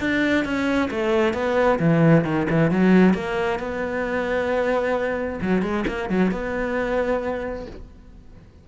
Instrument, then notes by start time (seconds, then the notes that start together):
cello
0.00 D4
0.45 C#4
0.91 A3
1.34 B3
1.79 E3
2.25 D#3
2.50 E3
2.71 F#3
3.14 A#3
3.59 B3
5.42 F#3
5.62 G#3
5.87 A#3
6.10 F#3
6.31 B3